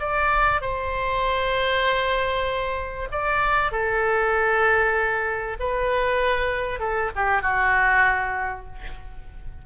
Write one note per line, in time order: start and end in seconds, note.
0.00 0.62 D5
0.62 3.09 C5
3.12 3.72 D5
3.72 5.58 A4
5.60 6.80 B4
6.80 7.11 A4
7.16 7.43 G4
7.43 8.66 F#4